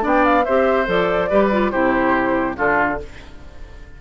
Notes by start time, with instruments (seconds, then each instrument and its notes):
0.00 bassoon B3, clarinet D4, oboe D5
0.07 flute G5
0.24 flute F5
0.45 bassoon C4, clarinet G4, oboe C5, flute E5
0.86 bassoon F3, clarinet A4, flute D5
1.30 bassoon G3, clarinet G4, oboe B4
1.52 clarinet F4
1.71 bassoon C3, clarinet E4, oboe G4, flute C5
2.56 bassoon D3, clarinet D4, oboe F4, flute A4